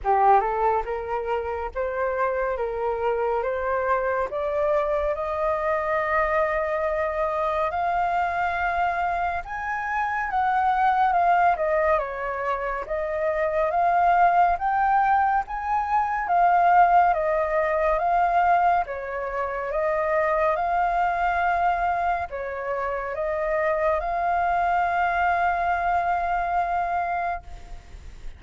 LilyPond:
\new Staff \with { instrumentName = "flute" } { \time 4/4 \tempo 4 = 70 g'8 a'8 ais'4 c''4 ais'4 | c''4 d''4 dis''2~ | dis''4 f''2 gis''4 | fis''4 f''8 dis''8 cis''4 dis''4 |
f''4 g''4 gis''4 f''4 | dis''4 f''4 cis''4 dis''4 | f''2 cis''4 dis''4 | f''1 | }